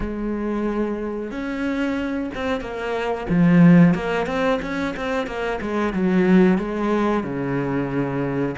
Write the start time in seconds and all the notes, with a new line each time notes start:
0.00 G#3
1.31 C#4
2.34 C4
2.60 A#3
3.29 F3
3.94 A#3
4.26 C4
4.62 C#4
4.96 C4
5.26 A#3
5.61 G#3
5.93 F#3
6.58 G#3
7.23 C#3